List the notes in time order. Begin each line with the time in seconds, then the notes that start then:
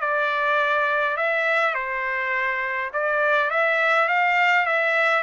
0.00 D5
1.17 E5
1.74 C5
2.93 D5
3.50 E5
4.08 F5
4.65 E5